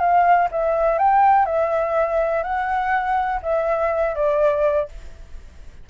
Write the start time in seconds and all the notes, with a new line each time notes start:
0.00 F5
0.52 E5
0.99 G5
1.46 E5
2.43 F#5
3.43 E5
4.16 D5